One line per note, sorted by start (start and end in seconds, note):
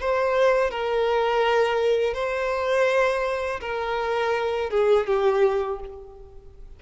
0.00 0.71 C5
0.71 2.14 A#4
2.14 3.60 C5
3.61 4.70 A#4
4.70 5.07 G#4
5.07 5.80 G4